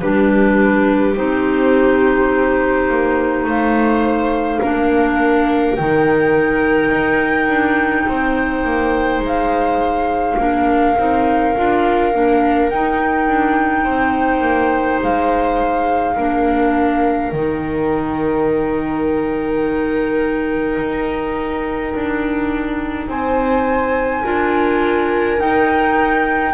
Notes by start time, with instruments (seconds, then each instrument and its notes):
0.00 double bass G3, clarinet D4, viola G4, flute B4
1.15 double bass C4, clarinet D#4, flute C5
2.90 double bass A#3
3.44 double bass A3, viola C5, flute F5
4.60 double bass A#3, clarinet D4, viola A#4
5.76 double bass D#3, clarinet D#4, flute G5
6.91 double bass D#4
7.48 double bass D4
8.08 double bass C4, viola C5
8.65 double bass A#3
9.20 double bass G#3
9.26 flute F5
10.38 double bass A#3, clarinet D4, viola A#4
10.97 double bass C4, clarinet D#4
11.56 double bass D4, clarinet F4
12.13 double bass A#3, clarinet D4
12.69 double bass D#4, clarinet D#4, flute G5
13.27 double bass D4
13.84 double bass C4, viola C5
14.40 double bass A#3
15.03 double bass G#3, flute F5
16.15 double bass A#3, clarinet D4, viola A#4
17.32 double bass D#3, clarinet D#4, flute G5
20.79 double bass D#4
21.95 double bass D4
23.09 double bass C4, viola C5, flute G#5
24.24 double bass D4, clarinet F4, viola A#4
25.38 clarinet D#4, double bass D#4, flute G5